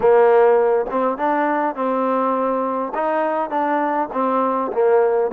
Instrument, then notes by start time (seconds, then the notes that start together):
trombone
0.00 A#3
0.90 C4
1.17 D4
1.75 C4
2.94 D#4
3.50 D4
4.13 C4
4.72 A#3